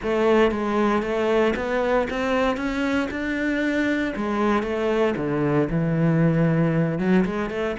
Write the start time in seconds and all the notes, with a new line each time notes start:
0.02 A3
0.51 G#3
1.02 A3
1.56 B3
2.09 C4
2.56 C#4
3.10 D4
4.16 G#3
4.62 A3
5.17 D3
5.70 E3
6.99 F#3
7.25 G#3
7.50 A3